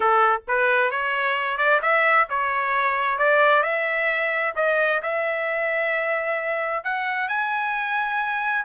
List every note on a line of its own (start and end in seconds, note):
0.00 0.41 A4
0.47 0.90 B4
0.90 1.57 C#5
1.57 1.80 D5
1.82 2.27 E5
2.29 3.18 C#5
3.18 3.62 D5
3.62 4.53 E5
4.55 5.01 D#5
5.02 6.83 E5
6.83 7.28 F#5
7.28 8.64 G#5